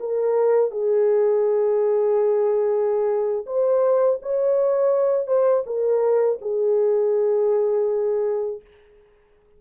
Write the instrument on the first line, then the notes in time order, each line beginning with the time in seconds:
horn
0.00 A#4
0.71 G#4
3.47 C5
4.22 C#5
5.27 C5
5.66 A#4
6.42 G#4